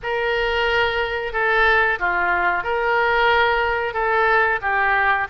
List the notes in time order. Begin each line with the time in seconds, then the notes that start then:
0.02 A#4
1.32 A4
1.99 F4
2.63 A#4
3.93 A4
4.61 G4